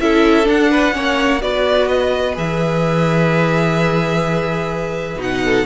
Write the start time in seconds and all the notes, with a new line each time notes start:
0.00 C#4 E4 A4 E5
0.44 D4 F#5
0.70 B4
0.92 A#3 C#4 C#5
1.41 B3 F#4 B4 D5
1.87 D#5
2.35 E3 G#4 E5
5.16 B2 D#4 F#5
5.45 A4